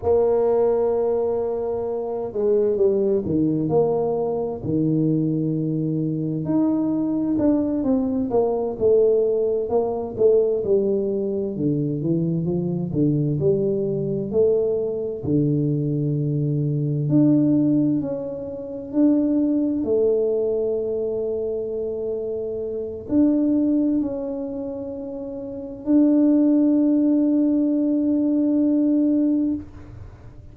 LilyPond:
\new Staff \with { instrumentName = "tuba" } { \time 4/4 \tempo 4 = 65 ais2~ ais8 gis8 g8 dis8 | ais4 dis2 dis'4 | d'8 c'8 ais8 a4 ais8 a8 g8~ | g8 d8 e8 f8 d8 g4 a8~ |
a8 d2 d'4 cis'8~ | cis'8 d'4 a2~ a8~ | a4 d'4 cis'2 | d'1 | }